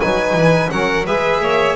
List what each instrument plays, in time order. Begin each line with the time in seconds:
0.00 double bass F#3, trombone D#4, violin B4 G#5
0.34 double bass E3
0.70 double bass F#3, trombone C#4, violin A#4 F#5
1.06 double bass G#3, trombone G#4, violin B4 E5
1.41 double bass A#3, violin C#5